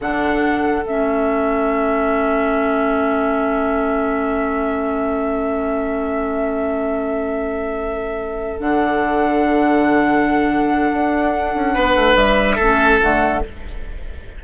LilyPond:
<<
  \new Staff \with { instrumentName = "flute" } { \time 4/4 \tempo 4 = 143 fis''2 e''2~ | e''1~ | e''1~ | e''1~ |
e''1~ | e''8 fis''2.~ fis''8~ | fis''1~ | fis''4 e''2 fis''4 | }
  \new Staff \with { instrumentName = "oboe" } { \time 4/4 a'1~ | a'1~ | a'1~ | a'1~ |
a'1~ | a'1~ | a'1 | b'2 a'2 | }
  \new Staff \with { instrumentName = "clarinet" } { \time 4/4 d'2 cis'2~ | cis'1~ | cis'1~ | cis'1~ |
cis'1~ | cis'8 d'2.~ d'8~ | d'1~ | d'2 cis'4 a4 | }
  \new Staff \with { instrumentName = "bassoon" } { \time 4/4 d2 a2~ | a1~ | a1~ | a1~ |
a1~ | a8 d2.~ d8~ | d2 d'4. cis'8 | b8 a8 g4 a4 d4 | }
>>